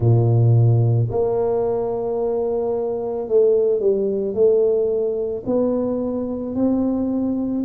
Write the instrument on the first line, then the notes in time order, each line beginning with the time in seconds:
tuba
0.00 A#2
1.10 A#3
3.27 A3
3.79 G3
4.33 A3
5.45 B3
6.55 C4